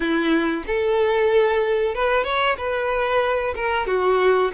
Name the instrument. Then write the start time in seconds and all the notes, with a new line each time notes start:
violin
0.00 E4
0.66 A4
1.94 B4
2.24 C#5
2.57 B4
3.55 A#4
3.87 F#4